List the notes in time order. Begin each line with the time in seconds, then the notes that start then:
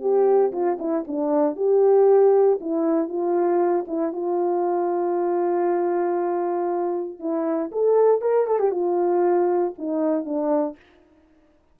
0.00 G4
0.52 F4
0.79 E4
1.07 D4
1.56 G4
2.60 E4
3.08 F4
3.87 E4
4.12 F4
7.19 E4
7.71 A4
8.21 A#4
8.47 A4
8.59 G4
8.71 F4
9.78 D#4
10.25 D4